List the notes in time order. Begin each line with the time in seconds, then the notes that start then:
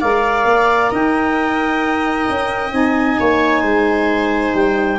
0.00 G#3 A#4 D5 F5
0.45 A#3
0.91 D#4 D#5 G5
2.29 C#4
2.71 C4 D#4 G#5
3.20 A#3 C#5
3.61 G#3 C5
4.54 G3 G5